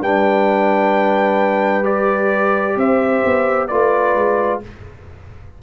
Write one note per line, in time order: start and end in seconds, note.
0.00 2.76 G3
0.00 1.83 D4
0.00 2.77 B4
0.00 1.85 G5
1.83 3.67 G4
1.83 2.77 D5
2.76 3.22 C4
2.76 3.69 C5
2.76 3.67 E5
3.25 3.71 B3
3.67 4.15 A3
3.67 4.62 F4
3.67 4.62 B4
3.67 4.60 D5
4.15 4.61 G#3